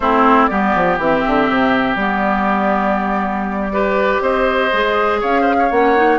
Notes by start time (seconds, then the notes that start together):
0.00 A3 C4 E4 C5
0.46 G3 B3 G4 D5
0.75 F3
0.98 E3 C4 E5
1.26 D3
1.49 C3
1.95 G3 B3 D5
3.72 G4 B4
4.21 C4 C5 D#5
4.72 G#3 G#4
5.20 C#4 C#5 F5
5.41 C5
5.58 C#5
5.70 A#3 C#4 F#5
5.96 D#4